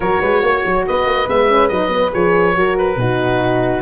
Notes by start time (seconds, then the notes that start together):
0.00 F#3 F#4 A#4 C#5
0.20 G#3 B4
0.42 A#3 C#5
0.64 F#3
0.87 B3 B4 D#5
1.05 A#3
1.27 G#3 B3 E5
1.48 C#4
1.68 F#3 D#4 D#5
1.89 B3
2.12 F3 G#4 C#5
2.54 F#3 F#4 A#4
2.77 B4
2.96 B2 D#4 F#4